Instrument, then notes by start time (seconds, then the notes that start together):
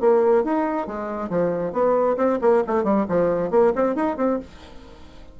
bassoon
0.00 A#3
0.44 D#4
0.87 G#3
1.30 F3
1.73 B3
2.17 C4
2.41 A#3
2.67 A3
2.84 G3
3.09 F3
3.51 A#3
3.75 C4
3.95 D#4
4.17 C4